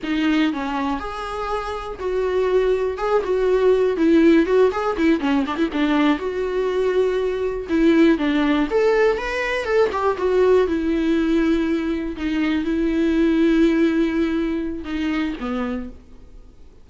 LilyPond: \new Staff \with { instrumentName = "viola" } { \time 4/4 \tempo 4 = 121 dis'4 cis'4 gis'2 | fis'2 gis'8 fis'4. | e'4 fis'8 gis'8 e'8 cis'8 d'16 e'16 d'8~ | d'8 fis'2. e'8~ |
e'8 d'4 a'4 b'4 a'8 | g'8 fis'4 e'2~ e'8~ | e'8 dis'4 e'2~ e'8~ | e'2 dis'4 b4 | }